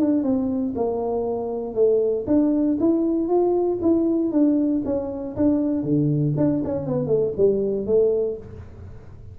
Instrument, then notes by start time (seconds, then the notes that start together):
tuba
0.00 D4
0.23 C4
0.76 A#3
1.75 A3
2.27 D4
2.80 E4
3.28 F4
3.82 E4
4.32 D4
4.85 C#4
5.37 D4
5.83 D3
6.37 D4
6.65 C#4
6.87 B3
7.08 A3
7.37 G3
7.87 A3